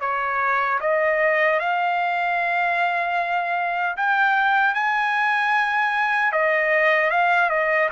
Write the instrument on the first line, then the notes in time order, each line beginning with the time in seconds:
trumpet
0.00 C#5
0.80 D#5
1.59 F5
3.97 G5
4.74 G#5
6.32 D#5
7.10 F5
7.49 D#5